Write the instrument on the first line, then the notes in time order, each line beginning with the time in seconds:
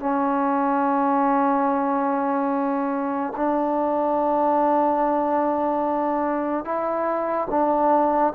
trombone
0.00 C#4
3.36 D4
6.64 E4
7.50 D4